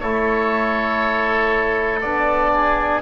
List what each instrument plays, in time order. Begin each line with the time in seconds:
0.00 double bass A3, trombone E4, oboe A4 C#5
2.01 double bass B3, trombone D4, oboe D5
2.54 oboe G#4